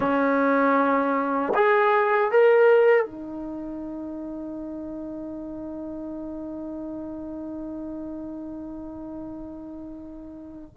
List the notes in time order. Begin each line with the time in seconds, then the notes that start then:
0.00 C#4
1.54 G#4
2.31 A#4
3.05 D#4